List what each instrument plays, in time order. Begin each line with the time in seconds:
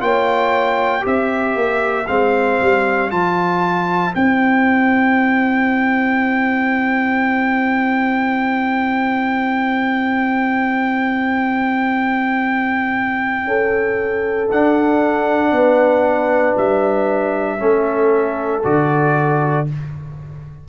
0.00 tuba A#3, trombone F4, horn C#5, trumpet G5
1.01 tuba C4, trombone G4, horn C5, trumpet E5
1.55 tuba A#3
2.06 tuba G#3, trombone C4, trumpet F5
2.61 tuba G3
3.10 tuba F3, trombone F4, trumpet A5
4.14 tuba C4, trombone E4, trumpet G5
13.45 tuba C#4, horn A4
14.50 trombone D4, tuba D4, trumpet F#5
15.51 tuba B3, horn B4
16.57 tuba G3, trumpet E5
17.58 tuba A3, trombone C#4, horn A4
18.63 tuba D3, trombone F#4, trumpet D5